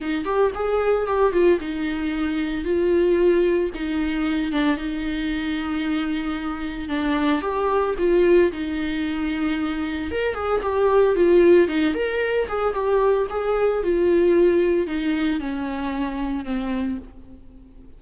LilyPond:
\new Staff \with { instrumentName = "viola" } { \time 4/4 \tempo 4 = 113 dis'8 g'8 gis'4 g'8 f'8 dis'4~ | dis'4 f'2 dis'4~ | dis'8 d'8 dis'2.~ | dis'4 d'4 g'4 f'4 |
dis'2. ais'8 gis'8 | g'4 f'4 dis'8 ais'4 gis'8 | g'4 gis'4 f'2 | dis'4 cis'2 c'4 | }